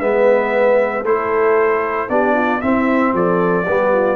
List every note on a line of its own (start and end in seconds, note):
0.00 1.04 G#3
0.00 1.04 B3
0.00 1.02 B4
0.00 1.04 E5
1.02 2.09 A3
1.02 2.09 E4
1.02 2.06 A4
1.02 2.09 C5
2.09 2.61 B3
2.09 2.61 D4
2.09 2.34 G4
2.09 2.61 D5
2.34 2.60 F4
2.61 3.65 C4
2.61 3.13 C4
2.61 3.13 E4
2.61 3.13 E5
3.13 3.65 F3
3.13 3.65 A4
3.13 4.16 D5
3.65 4.16 G3
3.65 4.16 B3
3.65 3.91 G4
3.93 4.16 F4